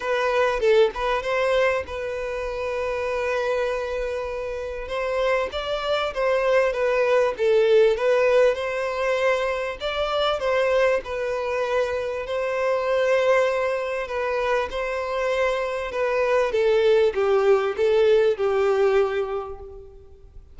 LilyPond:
\new Staff \with { instrumentName = "violin" } { \time 4/4 \tempo 4 = 98 b'4 a'8 b'8 c''4 b'4~ | b'1 | c''4 d''4 c''4 b'4 | a'4 b'4 c''2 |
d''4 c''4 b'2 | c''2. b'4 | c''2 b'4 a'4 | g'4 a'4 g'2 | }